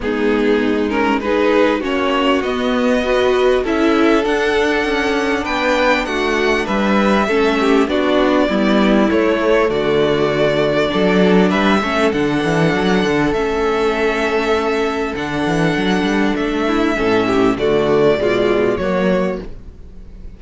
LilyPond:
<<
  \new Staff \with { instrumentName = "violin" } { \time 4/4 \tempo 4 = 99 gis'4. ais'8 b'4 cis''4 | dis''2 e''4 fis''4~ | fis''4 g''4 fis''4 e''4~ | e''4 d''2 cis''4 |
d''2. e''4 | fis''2 e''2~ | e''4 fis''2 e''4~ | e''4 d''2 cis''4 | }
  \new Staff \with { instrumentName = "violin" } { \time 4/4 dis'2 gis'4 fis'4~ | fis'4 b'4 a'2~ | a'4 b'4 fis'4 b'4 | a'8 g'8 fis'4 e'2 |
fis'2 a'4 b'8 a'8~ | a'1~ | a'2.~ a'8 e'8 | a'8 g'8 fis'4 f'4 fis'4 | }
  \new Staff \with { instrumentName = "viola" } { \time 4/4 b4. cis'8 dis'4 cis'4 | b4 fis'4 e'4 d'4~ | d'1 | cis'4 d'4 b4 a4~ |
a2 d'4. cis'8 | d'2 cis'2~ | cis'4 d'2. | cis'4 a4 gis4 ais4 | }
  \new Staff \with { instrumentName = "cello" } { \time 4/4 gis2. ais4 | b2 cis'4 d'4 | cis'4 b4 a4 g4 | a4 b4 g4 a4 |
d2 fis4 g8 a8 | d8 e8 fis8 d8 a2~ | a4 d8 e8 fis8 g8 a4 | a,4 d4 b,4 fis4 | }
>>